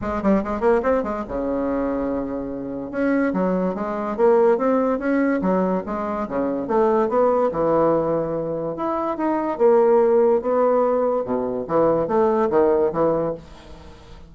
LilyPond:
\new Staff \with { instrumentName = "bassoon" } { \time 4/4 \tempo 4 = 144 gis8 g8 gis8 ais8 c'8 gis8 cis4~ | cis2. cis'4 | fis4 gis4 ais4 c'4 | cis'4 fis4 gis4 cis4 |
a4 b4 e2~ | e4 e'4 dis'4 ais4~ | ais4 b2 b,4 | e4 a4 dis4 e4 | }